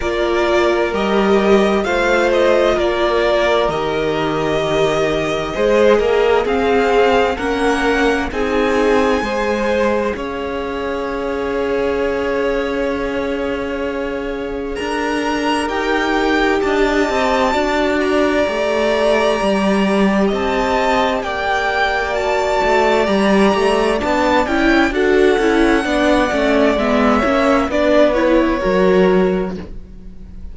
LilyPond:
<<
  \new Staff \with { instrumentName = "violin" } { \time 4/4 \tempo 4 = 65 d''4 dis''4 f''8 dis''8 d''4 | dis''2. f''4 | fis''4 gis''2 f''4~ | f''1 |
ais''4 g''4 a''4. ais''8~ | ais''2 a''4 g''4 | a''4 ais''4 a''8 g''8 fis''4~ | fis''4 e''4 d''8 cis''4. | }
  \new Staff \with { instrumentName = "violin" } { \time 4/4 ais'2 c''4 ais'4~ | ais'2 c''8 ais'8 gis'4 | ais'4 gis'4 c''4 cis''4~ | cis''1 |
ais'2 dis''4 d''4~ | d''2 dis''4 d''4~ | d''2. a'4 | d''4. cis''8 b'4 ais'4 | }
  \new Staff \with { instrumentName = "viola" } { \time 4/4 f'4 g'4 f'2 | g'2 gis'4 c'4 | cis'4 dis'4 gis'2~ | gis'1~ |
gis'4 g'2 fis'4 | g'1 | fis'4 g'4 d'8 e'8 fis'8 e'8 | d'8 cis'8 b8 cis'8 d'8 e'8 fis'4 | }
  \new Staff \with { instrumentName = "cello" } { \time 4/4 ais4 g4 a4 ais4 | dis2 gis8 ais8 c'4 | ais4 c'4 gis4 cis'4~ | cis'1 |
d'4 dis'4 d'8 c'8 d'4 | a4 g4 c'4 ais4~ | ais8 a8 g8 a8 b8 cis'8 d'8 cis'8 | b8 a8 gis8 ais8 b4 fis4 | }
>>